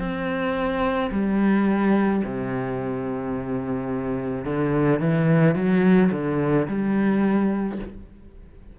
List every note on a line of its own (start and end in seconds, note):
0.00 1.11 C4
1.12 2.23 G3
2.25 4.45 C3
4.45 5.00 D3
5.00 5.56 E3
5.56 6.11 F#3
6.12 6.67 D3
6.68 7.79 G3